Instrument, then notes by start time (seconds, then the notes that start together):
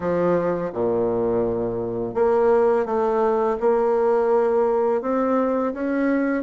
bassoon
0.00 F3
0.73 A#2
2.14 A#3
2.85 A3
3.60 A#3
5.01 C4
5.73 C#4